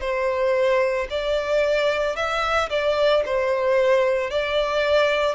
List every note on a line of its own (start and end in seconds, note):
0.00 1.07 C5
1.10 2.16 D5
2.16 2.69 E5
2.69 3.23 D5
3.26 4.31 C5
4.31 5.35 D5